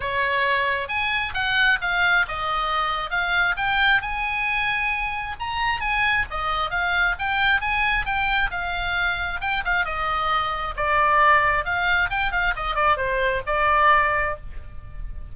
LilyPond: \new Staff \with { instrumentName = "oboe" } { \time 4/4 \tempo 4 = 134 cis''2 gis''4 fis''4 | f''4 dis''2 f''4 | g''4 gis''2. | ais''4 gis''4 dis''4 f''4 |
g''4 gis''4 g''4 f''4~ | f''4 g''8 f''8 dis''2 | d''2 f''4 g''8 f''8 | dis''8 d''8 c''4 d''2 | }